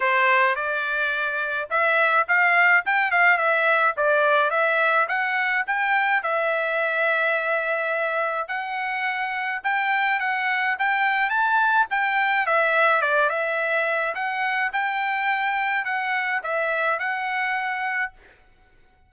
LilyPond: \new Staff \with { instrumentName = "trumpet" } { \time 4/4 \tempo 4 = 106 c''4 d''2 e''4 | f''4 g''8 f''8 e''4 d''4 | e''4 fis''4 g''4 e''4~ | e''2. fis''4~ |
fis''4 g''4 fis''4 g''4 | a''4 g''4 e''4 d''8 e''8~ | e''4 fis''4 g''2 | fis''4 e''4 fis''2 | }